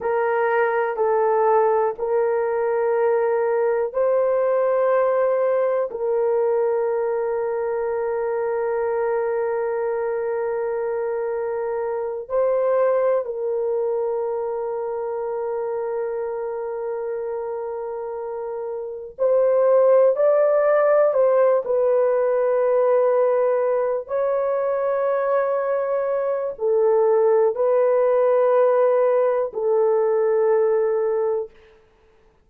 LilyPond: \new Staff \with { instrumentName = "horn" } { \time 4/4 \tempo 4 = 61 ais'4 a'4 ais'2 | c''2 ais'2~ | ais'1~ | ais'8 c''4 ais'2~ ais'8~ |
ais'2.~ ais'8 c''8~ | c''8 d''4 c''8 b'2~ | b'8 cis''2~ cis''8 a'4 | b'2 a'2 | }